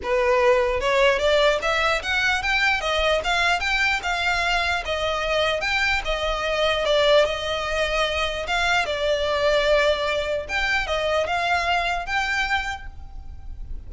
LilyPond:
\new Staff \with { instrumentName = "violin" } { \time 4/4 \tempo 4 = 149 b'2 cis''4 d''4 | e''4 fis''4 g''4 dis''4 | f''4 g''4 f''2 | dis''2 g''4 dis''4~ |
dis''4 d''4 dis''2~ | dis''4 f''4 d''2~ | d''2 g''4 dis''4 | f''2 g''2 | }